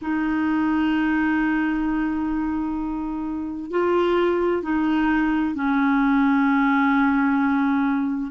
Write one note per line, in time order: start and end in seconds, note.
0.01 3.70 D#4
3.70 4.62 F4
4.62 5.54 D#4
5.54 8.31 C#4